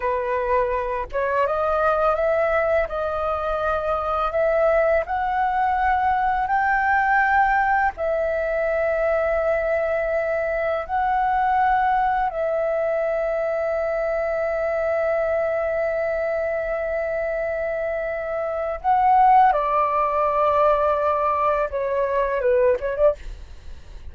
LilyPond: \new Staff \with { instrumentName = "flute" } { \time 4/4 \tempo 4 = 83 b'4. cis''8 dis''4 e''4 | dis''2 e''4 fis''4~ | fis''4 g''2 e''4~ | e''2. fis''4~ |
fis''4 e''2.~ | e''1~ | e''2 fis''4 d''4~ | d''2 cis''4 b'8 cis''16 d''16 | }